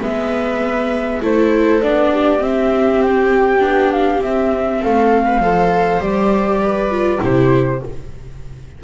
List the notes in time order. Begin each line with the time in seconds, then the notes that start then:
0.00 G#3 B3 B4 E5
1.22 A3 E4 A4 C5
1.82 B3 D4 D5
2.12 G4
2.39 C4 E5
3.02 G5
3.59 B3 D4
3.92 F5
4.21 C4 E5
4.80 A3 A4 F5
5.25 B4
5.39 F3 A4 C5
5.99 G3 G4 D5
6.61 B4
6.91 F4
7.19 C3 E4 G4 C5